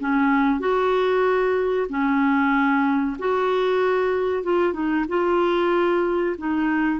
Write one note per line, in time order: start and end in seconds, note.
0.00 0.59 C#4
0.59 1.87 F#4
1.89 3.16 C#4
3.18 4.43 F#4
4.43 4.73 F4
4.73 5.05 D#4
5.08 6.35 F4
6.38 7.00 D#4